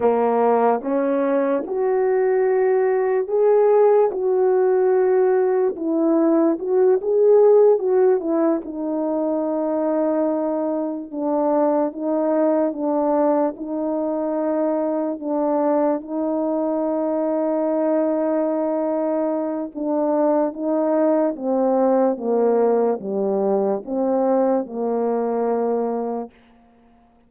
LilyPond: \new Staff \with { instrumentName = "horn" } { \time 4/4 \tempo 4 = 73 ais4 cis'4 fis'2 | gis'4 fis'2 e'4 | fis'8 gis'4 fis'8 e'8 dis'4.~ | dis'4. d'4 dis'4 d'8~ |
d'8 dis'2 d'4 dis'8~ | dis'1 | d'4 dis'4 c'4 ais4 | g4 c'4 ais2 | }